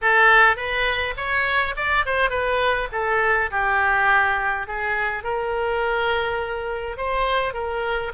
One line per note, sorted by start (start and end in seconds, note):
0.01 0.56 A4
0.56 1.14 B4
1.16 1.74 C#5
1.76 2.05 D5
2.05 2.30 C5
2.30 2.88 B4
2.92 3.50 A4
3.50 4.67 G4
4.67 5.23 G#4
5.23 6.97 A#4
6.97 7.53 C5
7.53 8.12 A#4